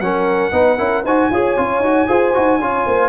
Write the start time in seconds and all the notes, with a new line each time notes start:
0.00 F#3 C#4 A#4 F#5
0.52 B3 D#4 B4
0.78 C#4 E4 A#4
1.04 D#4 F#4 C5 G#5
1.31 F4 G#4 C#5
1.57 C#4 F4
1.80 D#4 F#4
2.08 F4 G#4 C5
2.34 D#4 F#4
2.59 C#4 F4 C#5
2.86 A#3 C5